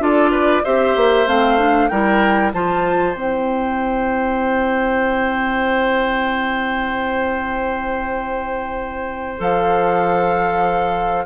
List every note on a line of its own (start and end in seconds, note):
0.00 0.62 D4
0.00 0.63 F4
0.00 0.31 A4
0.00 0.65 D5
0.31 0.63 B4
0.65 0.96 C4
0.65 1.28 G4
0.65 1.90 C5
0.65 1.28 E5
0.96 1.27 A#3
1.27 1.90 A3
1.27 1.59 C4
1.27 1.88 F5
1.59 1.90 D4
1.88 2.54 G3
1.88 2.53 E4
1.88 2.53 A#4
1.88 2.51 G5
2.53 3.15 F3
2.53 3.15 F4
2.53 11.26 C5
2.53 3.15 A5
3.15 9.40 C4
3.15 9.38 E4
3.15 9.40 G5
9.38 11.26 F3
9.38 11.26 A4
9.38 11.26 F5